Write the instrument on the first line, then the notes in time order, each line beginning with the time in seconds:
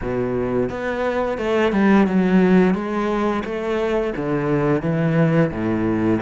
cello
0.01 B2
0.69 B3
1.38 A3
1.72 G3
2.07 F#3
2.74 G#3
3.45 A3
4.16 D3
4.82 E3
5.51 A2